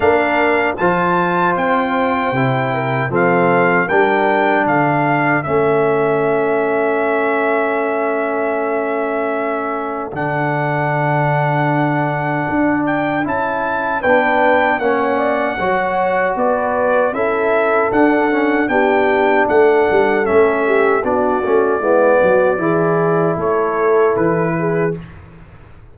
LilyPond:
<<
  \new Staff \with { instrumentName = "trumpet" } { \time 4/4 \tempo 4 = 77 f''4 a''4 g''2 | f''4 g''4 f''4 e''4~ | e''1~ | e''4 fis''2.~ |
fis''8 g''8 a''4 g''4 fis''4~ | fis''4 d''4 e''4 fis''4 | g''4 fis''4 e''4 d''4~ | d''2 cis''4 b'4 | }
  \new Staff \with { instrumentName = "horn" } { \time 4/4 ais'4 c''2~ c''8 ais'8 | a'4 ais'4 a'2~ | a'1~ | a'1~ |
a'2 b'4 cis''8 d''8 | cis''4 b'4 a'2 | g'4 a'4. g'8 fis'4 | e'8 fis'8 gis'4 a'4. gis'8 | }
  \new Staff \with { instrumentName = "trombone" } { \time 4/4 d'4 f'2 e'4 | c'4 d'2 cis'4~ | cis'1~ | cis'4 d'2.~ |
d'4 e'4 d'4 cis'4 | fis'2 e'4 d'8 cis'8 | d'2 cis'4 d'8 cis'8 | b4 e'2. | }
  \new Staff \with { instrumentName = "tuba" } { \time 4/4 ais4 f4 c'4 c4 | f4 g4 d4 a4~ | a1~ | a4 d2. |
d'4 cis'4 b4 ais4 | fis4 b4 cis'4 d'4 | b4 a8 g8 a4 b8 a8 | gis8 fis8 e4 a4 e4 | }
>>